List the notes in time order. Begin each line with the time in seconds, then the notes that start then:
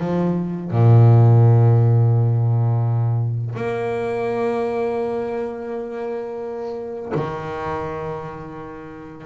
0.00 F3
0.71 A#2
3.56 A#3
7.15 D#3